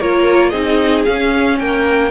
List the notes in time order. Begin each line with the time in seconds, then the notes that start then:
0.00 A#3 F4 A#4 C#5
0.49 C4 D#4 G#4 D#5
1.05 C#4 F5
1.59 A#3 A#4 G5